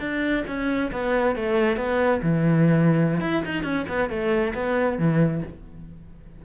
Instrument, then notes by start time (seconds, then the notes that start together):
cello
0.00 D4
0.47 C#4
0.92 B3
1.36 A3
1.77 B3
2.23 E3
3.21 E4
3.45 D#4
3.64 C#4
3.89 B3
4.10 A3
4.55 B3
4.99 E3